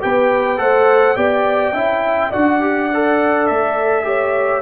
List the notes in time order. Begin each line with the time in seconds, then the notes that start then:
0.00 B3 G4 B4 G5
0.57 A3 A4 C5 F#5
1.16 B3 G4 D5 G5
1.72 C#4 E4 E5
2.30 D4 F#4 D5 F#5
2.60 G4
2.93 A4
3.46 A3 E5
4.03 G4 C#5